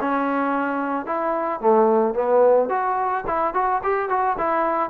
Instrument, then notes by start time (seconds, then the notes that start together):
trombone
0.00 C#4
1.06 E4
1.60 A3
2.14 B3
2.69 F#4
3.27 E4
3.54 F#4
3.83 G4
4.09 F#4
4.38 E4